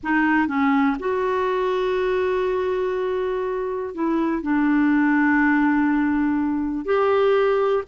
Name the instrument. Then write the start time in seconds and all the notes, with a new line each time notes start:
clarinet
0.03 D#4
0.47 C#4
0.99 F#4
3.94 E4
4.42 D4
6.85 G4